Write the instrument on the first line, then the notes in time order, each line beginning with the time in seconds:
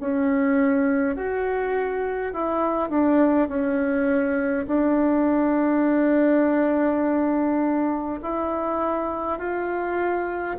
bassoon
0.00 C#4
1.16 F#4
2.33 E4
2.89 D4
3.48 C#4
4.67 D4
8.22 E4
9.39 F4